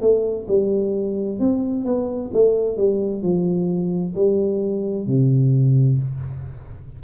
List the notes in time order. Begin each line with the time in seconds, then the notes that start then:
0.00 A3
0.47 G3
1.39 C4
1.85 B3
2.33 A3
2.77 G3
3.22 F3
4.15 G3
5.06 C3